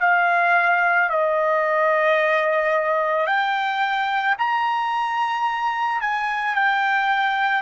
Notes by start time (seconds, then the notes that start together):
0.00 F5
1.09 D#5
3.27 G5
4.38 A#5
6.01 G#5
6.55 G5